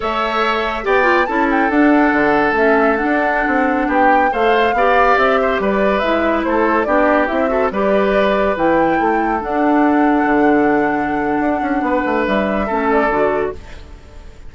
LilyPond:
<<
  \new Staff \with { instrumentName = "flute" } { \time 4/4 \tempo 4 = 142 e''2 g''4 a''8 g''8 | fis''2 e''4 fis''4~ | fis''4~ fis''16 g''4 f''4.~ f''16~ | f''16 e''4 d''4 e''4 c''8.~ |
c''16 d''4 e''4 d''4.~ d''16~ | d''16 g''2 fis''4.~ fis''16~ | fis''1~ | fis''4 e''4. d''4. | }
  \new Staff \with { instrumentName = "oboe" } { \time 4/4 cis''2 d''4 a'4~ | a'1~ | a'4~ a'16 g'4 c''4 d''8.~ | d''8. c''8 b'2 a'8.~ |
a'16 g'4. a'8 b'4.~ b'16~ | b'4~ b'16 a'2~ a'8.~ | a'1 | b'2 a'2 | }
  \new Staff \with { instrumentName = "clarinet" } { \time 4/4 a'2 g'8 f'8 e'4 | d'2 cis'4 d'4~ | d'2~ d'16 a'4 g'8.~ | g'2~ g'16 e'4.~ e'16~ |
e'16 d'4 e'8 fis'8 g'4.~ g'16~ | g'16 e'2 d'4.~ d'16~ | d'1~ | d'2 cis'4 fis'4 | }
  \new Staff \with { instrumentName = "bassoon" } { \time 4/4 a2 b4 cis'4 | d'4 d4 a4~ a16 d'8.~ | d'16 c'4 b4 a4 b8.~ | b16 c'4 g4 gis4 a8.~ |
a16 b4 c'4 g4.~ g16~ | g16 e4 a4 d'4.~ d'16~ | d'16 d2~ d8. d'8 cis'8 | b8 a8 g4 a4 d4 | }
>>